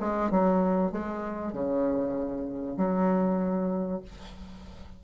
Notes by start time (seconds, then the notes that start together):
0.00 G#3
0.31 F#3
0.92 G#3
1.53 C#3
2.77 F#3